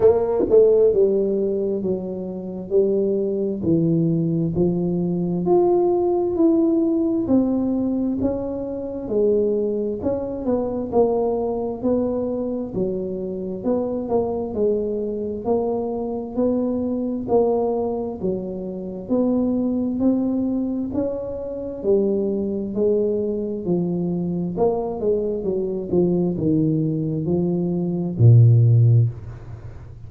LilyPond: \new Staff \with { instrumentName = "tuba" } { \time 4/4 \tempo 4 = 66 ais8 a8 g4 fis4 g4 | e4 f4 f'4 e'4 | c'4 cis'4 gis4 cis'8 b8 | ais4 b4 fis4 b8 ais8 |
gis4 ais4 b4 ais4 | fis4 b4 c'4 cis'4 | g4 gis4 f4 ais8 gis8 | fis8 f8 dis4 f4 ais,4 | }